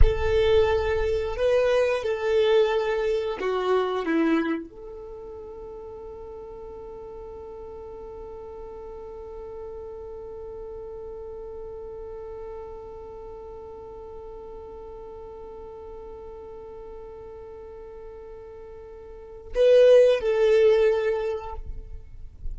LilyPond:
\new Staff \with { instrumentName = "violin" } { \time 4/4 \tempo 4 = 89 a'2 b'4 a'4~ | a'4 fis'4 e'4 a'4~ | a'1~ | a'1~ |
a'1~ | a'1~ | a'1~ | a'4 b'4 a'2 | }